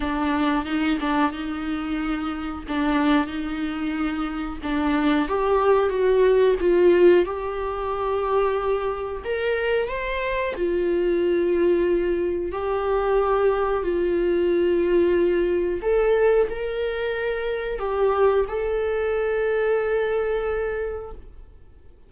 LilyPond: \new Staff \with { instrumentName = "viola" } { \time 4/4 \tempo 4 = 91 d'4 dis'8 d'8 dis'2 | d'4 dis'2 d'4 | g'4 fis'4 f'4 g'4~ | g'2 ais'4 c''4 |
f'2. g'4~ | g'4 f'2. | a'4 ais'2 g'4 | a'1 | }